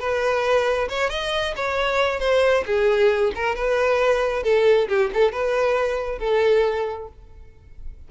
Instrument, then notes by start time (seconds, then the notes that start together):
violin
0.00 B4
0.89 C#5
1.10 D#5
1.57 C#5
2.20 C5
2.66 G#4
3.36 A#4
3.56 B4
4.44 A4
4.89 G4
5.14 A4
5.32 B4
6.19 A4